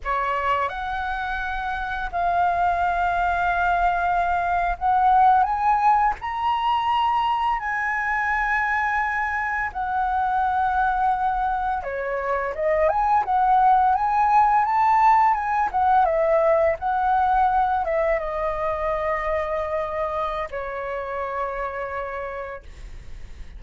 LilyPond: \new Staff \with { instrumentName = "flute" } { \time 4/4 \tempo 4 = 85 cis''4 fis''2 f''4~ | f''2~ f''8. fis''4 gis''16~ | gis''8. ais''2 gis''4~ gis''16~ | gis''4.~ gis''16 fis''2~ fis''16~ |
fis''8. cis''4 dis''8 gis''8 fis''4 gis''16~ | gis''8. a''4 gis''8 fis''8 e''4 fis''16~ | fis''4~ fis''16 e''8 dis''2~ dis''16~ | dis''4 cis''2. | }